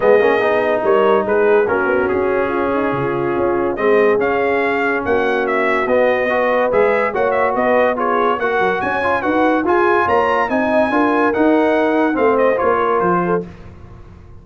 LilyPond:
<<
  \new Staff \with { instrumentName = "trumpet" } { \time 4/4 \tempo 4 = 143 dis''2 cis''4 b'4 | ais'4 gis'2.~ | gis'4 dis''4 f''2 | fis''4 e''4 dis''2 |
e''4 fis''8 e''8 dis''4 cis''4 | fis''4 gis''4 fis''4 gis''4 | ais''4 gis''2 fis''4~ | fis''4 f''8 dis''8 cis''4 c''4 | }
  \new Staff \with { instrumentName = "horn" } { \time 4/4 gis'2 ais'4 gis'4 | fis'2 f'8 dis'8 f'4~ | f'4 gis'2. | fis'2. b'4~ |
b'4 cis''4 b'4 gis'4 | ais'4 cis''4 b'4 gis'4 | cis''4 dis''4 ais'2~ | ais'4 c''4. ais'4 a'8 | }
  \new Staff \with { instrumentName = "trombone" } { \time 4/4 b8 cis'8 dis'2. | cis'1~ | cis'4 c'4 cis'2~ | cis'2 b4 fis'4 |
gis'4 fis'2 f'4 | fis'4. f'8 fis'4 f'4~ | f'4 dis'4 f'4 dis'4~ | dis'4 c'4 f'2 | }
  \new Staff \with { instrumentName = "tuba" } { \time 4/4 gis8 ais8 b4 g4 gis4 | ais8 b8 cis'2 cis4 | cis'4 gis4 cis'2 | ais2 b2 |
gis4 ais4 b2 | ais8 fis8 cis'4 dis'4 f'4 | ais4 c'4 d'4 dis'4~ | dis'4 a4 ais4 f4 | }
>>